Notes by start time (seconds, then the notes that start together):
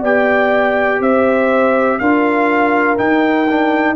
0.00 B3 G4 D5 G5
1.00 C4 C5 E5
1.99 D4 F4 A#4 F5
2.97 D#4 G5
3.50 D4